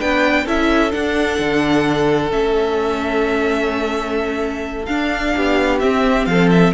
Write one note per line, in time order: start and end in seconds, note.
0.00 0.46 B3
0.00 0.47 D4
0.00 0.45 B4
0.00 0.47 G5
0.45 0.93 C#4
0.45 0.92 E4
0.45 5.34 A4
0.45 0.92 E5
0.92 2.31 D4
0.92 1.39 D4
0.92 2.32 F#5
1.39 2.32 D3
2.31 4.88 A3
2.31 4.87 C#4
2.31 4.86 E5
4.86 5.35 D4
4.86 5.81 D4
4.86 5.79 F5
5.36 5.84 B3
5.36 6.29 G4
5.80 6.74 C4
5.80 6.27 C4
5.80 6.26 E5
6.26 6.73 F3
6.26 6.74 A4
6.26 6.50 F5
6.51 6.74 E5